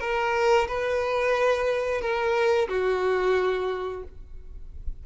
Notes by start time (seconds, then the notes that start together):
0.00 A#4
0.67 B4
2.01 A#4
2.68 F#4